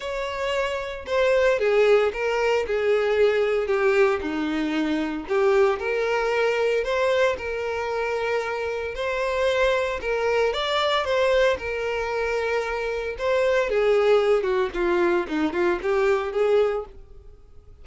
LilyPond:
\new Staff \with { instrumentName = "violin" } { \time 4/4 \tempo 4 = 114 cis''2 c''4 gis'4 | ais'4 gis'2 g'4 | dis'2 g'4 ais'4~ | ais'4 c''4 ais'2~ |
ais'4 c''2 ais'4 | d''4 c''4 ais'2~ | ais'4 c''4 gis'4. fis'8 | f'4 dis'8 f'8 g'4 gis'4 | }